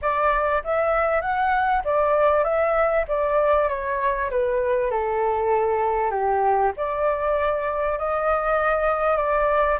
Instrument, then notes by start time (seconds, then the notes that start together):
flute
0.01 D5
0.64 E5
1.21 F#5
1.84 D5
2.44 E5
3.08 D5
3.68 C#5
4.30 B4
4.91 A4
6.10 G4
6.77 D5
7.98 D#5
9.17 D5